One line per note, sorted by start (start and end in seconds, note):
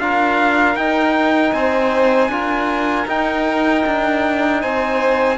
0.00 0.75 D4
0.00 0.78 F4
0.00 1.54 A#4
0.00 0.76 F5
0.75 1.52 D#4
0.75 2.31 D#4
0.75 1.53 G5
1.53 2.29 C4
1.53 2.31 C5
1.53 3.07 G#5
2.29 3.06 D4
2.29 3.07 F4
2.29 4.62 A#4
3.07 5.38 D#4
3.07 3.85 D#4
3.07 4.62 G5
3.87 4.63 D4
4.62 5.38 C4
4.62 5.38 C5
4.62 5.38 G#5